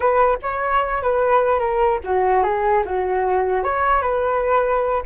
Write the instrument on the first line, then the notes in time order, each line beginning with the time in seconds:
flute
0.00 B4
0.42 C#5
1.02 B4
1.59 A#4
2.03 F#4
2.43 G#4
2.85 F#4
3.63 C#5
4.01 B4